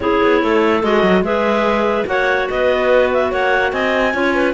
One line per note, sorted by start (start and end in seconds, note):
0.00 0.21 C#4
0.00 0.82 E4
0.00 0.41 G#4
0.00 0.82 C#5
0.23 0.42 B3
0.41 0.83 A3
0.41 1.24 A4
0.82 1.03 G#3
0.82 1.24 F#4
0.82 1.24 D#5
1.03 1.21 F#3
1.21 2.04 G#3
1.21 2.06 G#4
1.21 2.07 B4
1.21 2.06 E5
2.06 2.47 A#3
2.06 4.13 F#4
2.06 2.50 C#5
2.06 2.48 F#5
2.49 3.31 B3
2.49 3.31 B4
2.49 3.11 D#5
3.12 3.32 E5
3.31 3.72 A#3
3.31 3.72 C#5
3.31 3.71 F#5
3.71 4.13 C4
3.71 4.14 D#5
3.71 4.54 G#5
4.13 4.54 C#4
4.13 4.54 F4
4.13 4.34 C#5
4.34 4.54 B4